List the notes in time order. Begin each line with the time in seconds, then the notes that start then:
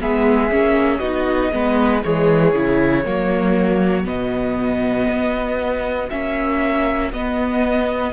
0.00 G#3 B3 G#4 E5
0.50 A#3 C#4
0.98 B3 D#4 F#4 D#5
1.52 G#3 B3 B4
2.03 E3 G#3 G#4 C#5
2.54 C#3 E4
3.04 F#3 A#3 F#4
4.04 B2 B3 D#5
5.09 B3
6.09 A#3 C#4 E5
7.12 B3 D#5